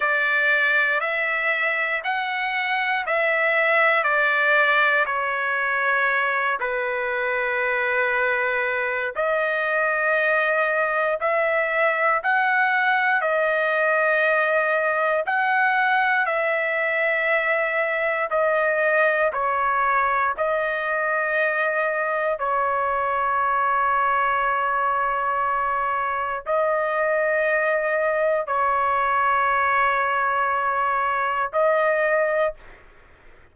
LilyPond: \new Staff \with { instrumentName = "trumpet" } { \time 4/4 \tempo 4 = 59 d''4 e''4 fis''4 e''4 | d''4 cis''4. b'4.~ | b'4 dis''2 e''4 | fis''4 dis''2 fis''4 |
e''2 dis''4 cis''4 | dis''2 cis''2~ | cis''2 dis''2 | cis''2. dis''4 | }